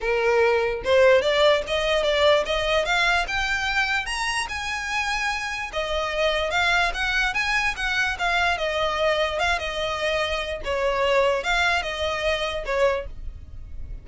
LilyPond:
\new Staff \with { instrumentName = "violin" } { \time 4/4 \tempo 4 = 147 ais'2 c''4 d''4 | dis''4 d''4 dis''4 f''4 | g''2 ais''4 gis''4~ | gis''2 dis''2 |
f''4 fis''4 gis''4 fis''4 | f''4 dis''2 f''8 dis''8~ | dis''2 cis''2 | f''4 dis''2 cis''4 | }